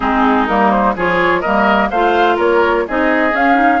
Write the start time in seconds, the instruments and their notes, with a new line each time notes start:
0.00 bassoon G#3, clarinet C4, oboe D#4, flute G#4
0.47 bassoon G3, clarinet A#3, flute A#4
0.70 flute C5
0.95 bassoon F3, clarinet F4, oboe G#4, flute C#5
1.41 bassoon G3, clarinet A#3, oboe A#4, flute D#5
1.90 bassoon A3, clarinet F4, oboe C5, flute F5
2.35 bassoon A#3, oboe A#4, flute C#5
2.87 bassoon C4, clarinet D#4, oboe G#4, flute D#5
3.31 clarinet C#4, bassoon C#4, flute F5
3.54 clarinet D#4